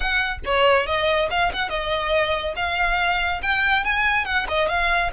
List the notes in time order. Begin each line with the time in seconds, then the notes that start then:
0.00 F#5
0.45 C#5
0.86 D#5
1.30 F5
1.53 F#5
1.69 D#5
2.56 F5
3.42 G5
3.84 G#5
4.25 F#5
4.48 D#5
4.68 F5